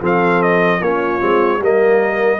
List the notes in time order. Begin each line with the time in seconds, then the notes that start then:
0.00 F3 C4 A4
0.06 F5
0.43 D#5
0.81 A#3 C#4 F4 C#5
1.21 G#3 C4
1.60 G3 A#3 A#4 D#5